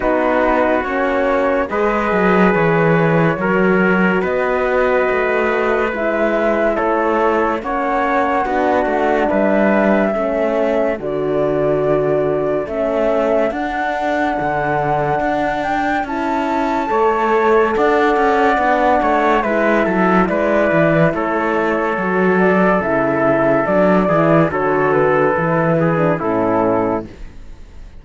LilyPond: <<
  \new Staff \with { instrumentName = "flute" } { \time 4/4 \tempo 4 = 71 b'4 cis''4 dis''4 cis''4~ | cis''4 dis''2 e''4 | cis''4 fis''2 e''4~ | e''4 d''2 e''4 |
fis''2~ fis''8 g''8 a''4~ | a''4 fis''2 e''4 | d''4 cis''4. d''8 e''4 | d''4 cis''8 b'4. a'4 | }
  \new Staff \with { instrumentName = "trumpet" } { \time 4/4 fis'2 b'2 | ais'4 b'2. | a'4 cis''4 fis'4 b'4 | a'1~ |
a'1 | cis''4 d''4. cis''8 b'8 a'8 | b'4 a'2.~ | a'8 gis'8 a'4. gis'8 e'4 | }
  \new Staff \with { instrumentName = "horn" } { \time 4/4 dis'4 cis'4 gis'2 | fis'2. e'4~ | e'4 cis'4 d'2 | cis'4 fis'2 cis'4 |
d'2. e'4 | a'2 d'4 e'4~ | e'2 fis'4 e'4 | d'8 e'8 fis'4 e'8. d'16 cis'4 | }
  \new Staff \with { instrumentName = "cello" } { \time 4/4 b4 ais4 gis8 fis8 e4 | fis4 b4 a4 gis4 | a4 ais4 b8 a8 g4 | a4 d2 a4 |
d'4 d4 d'4 cis'4 | a4 d'8 cis'8 b8 a8 gis8 fis8 | gis8 e8 a4 fis4 cis4 | fis8 e8 d4 e4 a,4 | }
>>